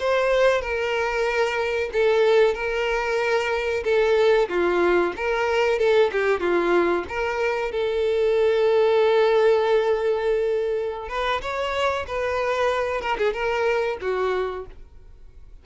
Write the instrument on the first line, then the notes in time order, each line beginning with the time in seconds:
violin
0.00 C5
0.61 A#4
1.93 A4
2.55 A#4
3.84 A4
4.49 F4
5.16 A#4
5.79 A4
6.12 G4
6.40 F4
7.09 A#4
7.72 A4
11.09 B4
11.42 C#5
12.07 B4
13.01 A#4
13.18 G#4
13.33 A#4
14.01 F#4